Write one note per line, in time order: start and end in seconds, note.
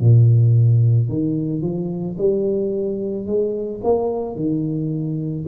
0.00 1.09 A#2
1.09 1.62 D#3
1.62 2.16 F3
2.18 3.26 G3
3.26 3.81 G#3
3.84 4.36 A#3
4.36 5.45 D#3